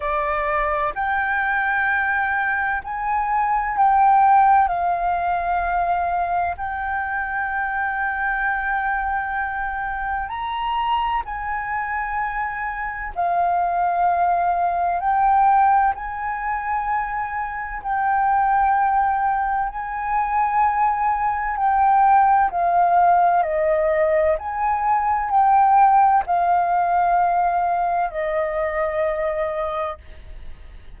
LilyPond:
\new Staff \with { instrumentName = "flute" } { \time 4/4 \tempo 4 = 64 d''4 g''2 gis''4 | g''4 f''2 g''4~ | g''2. ais''4 | gis''2 f''2 |
g''4 gis''2 g''4~ | g''4 gis''2 g''4 | f''4 dis''4 gis''4 g''4 | f''2 dis''2 | }